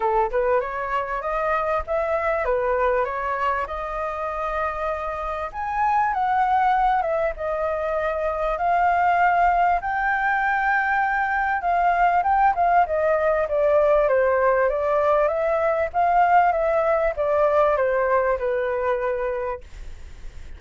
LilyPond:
\new Staff \with { instrumentName = "flute" } { \time 4/4 \tempo 4 = 98 a'8 b'8 cis''4 dis''4 e''4 | b'4 cis''4 dis''2~ | dis''4 gis''4 fis''4. e''8 | dis''2 f''2 |
g''2. f''4 | g''8 f''8 dis''4 d''4 c''4 | d''4 e''4 f''4 e''4 | d''4 c''4 b'2 | }